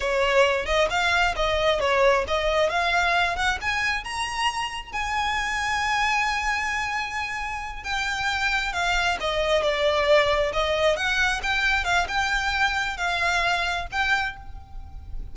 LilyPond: \new Staff \with { instrumentName = "violin" } { \time 4/4 \tempo 4 = 134 cis''4. dis''8 f''4 dis''4 | cis''4 dis''4 f''4. fis''8 | gis''4 ais''2 gis''4~ | gis''1~ |
gis''4. g''2 f''8~ | f''8 dis''4 d''2 dis''8~ | dis''8 fis''4 g''4 f''8 g''4~ | g''4 f''2 g''4 | }